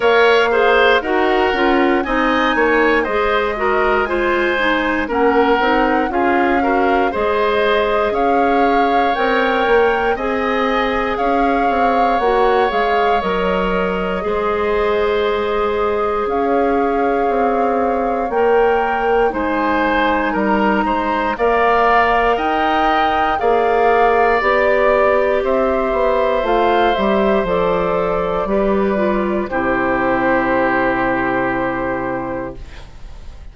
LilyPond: <<
  \new Staff \with { instrumentName = "flute" } { \time 4/4 \tempo 4 = 59 f''4 fis''4 gis''4 dis''4 | gis''4 fis''4 f''4 dis''4 | f''4 g''4 gis''4 f''4 | fis''8 f''8 dis''2. |
f''2 g''4 gis''4 | ais''4 f''4 g''4 f''4 | d''4 e''4 f''8 e''8 d''4~ | d''4 c''2. | }
  \new Staff \with { instrumentName = "oboe" } { \time 4/4 cis''8 c''8 ais'4 dis''8 cis''8 c''8 ais'8 | c''4 ais'4 gis'8 ais'8 c''4 | cis''2 dis''4 cis''4~ | cis''2 c''2 |
cis''2. c''4 | ais'8 c''8 d''4 dis''4 d''4~ | d''4 c''2. | b'4 g'2. | }
  \new Staff \with { instrumentName = "clarinet" } { \time 4/4 ais'8 gis'8 fis'8 f'8 dis'4 gis'8 fis'8 | f'8 dis'8 cis'8 dis'8 f'8 fis'8 gis'4~ | gis'4 ais'4 gis'2 | fis'8 gis'8 ais'4 gis'2~ |
gis'2 ais'4 dis'4~ | dis'4 ais'2 gis'4 | g'2 f'8 g'8 a'4 | g'8 f'8 e'2. | }
  \new Staff \with { instrumentName = "bassoon" } { \time 4/4 ais4 dis'8 cis'8 c'8 ais8 gis4~ | gis4 ais8 c'8 cis'4 gis4 | cis'4 c'8 ais8 c'4 cis'8 c'8 | ais8 gis8 fis4 gis2 |
cis'4 c'4 ais4 gis4 | g8 gis8 ais4 dis'4 ais4 | b4 c'8 b8 a8 g8 f4 | g4 c2. | }
>>